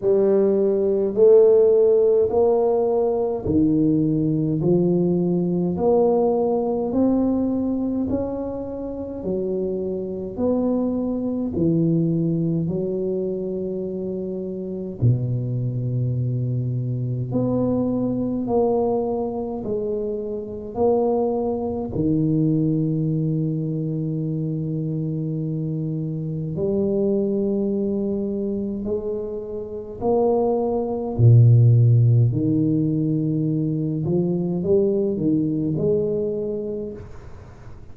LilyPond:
\new Staff \with { instrumentName = "tuba" } { \time 4/4 \tempo 4 = 52 g4 a4 ais4 dis4 | f4 ais4 c'4 cis'4 | fis4 b4 e4 fis4~ | fis4 b,2 b4 |
ais4 gis4 ais4 dis4~ | dis2. g4~ | g4 gis4 ais4 ais,4 | dis4. f8 g8 dis8 gis4 | }